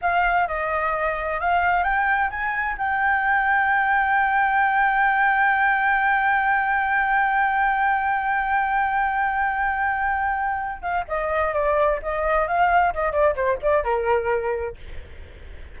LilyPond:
\new Staff \with { instrumentName = "flute" } { \time 4/4 \tempo 4 = 130 f''4 dis''2 f''4 | g''4 gis''4 g''2~ | g''1~ | g''1~ |
g''1~ | g''2.~ g''8 f''8 | dis''4 d''4 dis''4 f''4 | dis''8 d''8 c''8 d''8 ais'2 | }